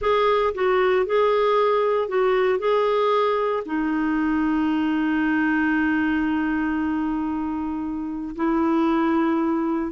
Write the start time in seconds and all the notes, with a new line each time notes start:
0.01 G#4
0.54 F#4
1.06 G#4
2.08 F#4
2.58 G#4
3.65 D#4
8.35 E4